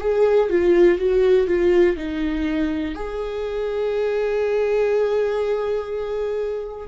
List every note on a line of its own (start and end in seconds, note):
0.00 0.49 G#4
0.49 0.98 F4
0.98 1.47 F#4
1.47 1.96 F4
1.96 2.95 D#4
2.95 6.88 G#4